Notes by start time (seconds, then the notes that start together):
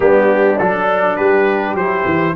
0.00 G3 B3 D4 G4
0.58 F#3 D4 A4
1.16 G3 G4 B4
1.74 F#3 E4 C5
2.05 E3